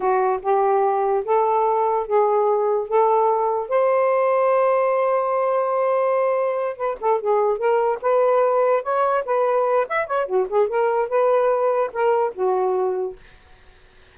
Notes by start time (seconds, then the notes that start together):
0.00 F#4
0.42 G4
1.24 A4
2.06 G#4
2.87 A4
3.68 C5
6.76 B4
7.00 A4
7.20 G#4
7.57 A#4
8.01 B4
8.82 C#5
9.25 B4
9.88 E5
10.07 C#5
10.26 F#4
10.49 G#4
10.68 A#4
11.08 B4
11.92 A#4
12.34 F#4